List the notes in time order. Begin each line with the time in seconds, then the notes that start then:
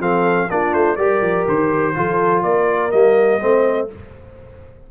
0.00 F3 C4 A4 F5
0.50 A#3 D4 F4 D5
0.74 A3 C5
0.96 G3 G4 A#4 D5
1.22 F3
1.48 D#3 C5
1.95 F3 F4 A4
2.43 A#3 A#4 D5
2.91 G3 A#3 D#5
3.40 A3 C4 C5